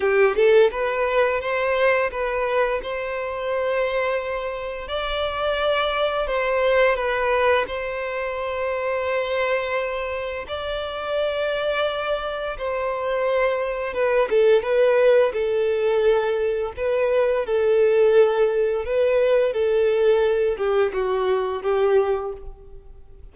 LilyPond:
\new Staff \with { instrumentName = "violin" } { \time 4/4 \tempo 4 = 86 g'8 a'8 b'4 c''4 b'4 | c''2. d''4~ | d''4 c''4 b'4 c''4~ | c''2. d''4~ |
d''2 c''2 | b'8 a'8 b'4 a'2 | b'4 a'2 b'4 | a'4. g'8 fis'4 g'4 | }